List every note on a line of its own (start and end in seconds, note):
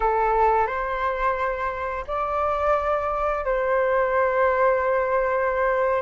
0.00 0.66 A4
0.66 2.04 C5
2.07 3.44 D5
3.44 6.02 C5